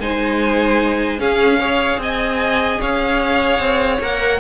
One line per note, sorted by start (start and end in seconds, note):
0.00 1.20 G#3
0.00 1.19 D#4
0.00 1.20 C5
0.00 1.21 G#5
1.19 1.59 C#4
1.19 1.98 C#4
1.19 1.60 G#4
1.19 2.01 F5
1.60 4.02 G#4
1.60 2.00 C#5
1.98 2.79 C4
1.98 2.81 D#5
1.98 2.81 G#5
2.81 3.59 C#4
2.81 4.41 C#5
2.81 4.02 F5
3.59 4.00 C4
4.01 4.41 A#3
4.01 4.41 A#4
4.01 4.41 F#5